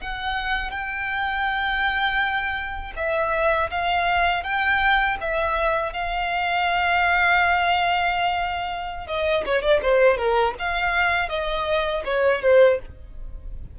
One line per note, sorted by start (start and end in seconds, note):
0.00 0.70 F#5
0.70 2.93 G5
2.96 3.70 E5
3.70 4.43 F5
4.43 5.17 G5
5.20 5.93 E5
5.93 9.07 F5
9.07 9.44 D#5
9.45 9.61 C#5
9.61 9.80 D5
9.82 10.17 C5
10.17 10.54 A#4
10.59 11.29 F5
11.29 12.03 D#5
12.04 12.41 C#5
12.42 12.79 C5